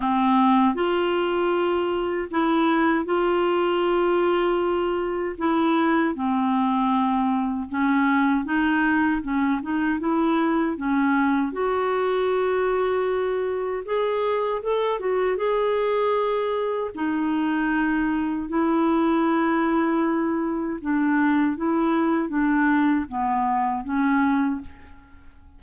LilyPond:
\new Staff \with { instrumentName = "clarinet" } { \time 4/4 \tempo 4 = 78 c'4 f'2 e'4 | f'2. e'4 | c'2 cis'4 dis'4 | cis'8 dis'8 e'4 cis'4 fis'4~ |
fis'2 gis'4 a'8 fis'8 | gis'2 dis'2 | e'2. d'4 | e'4 d'4 b4 cis'4 | }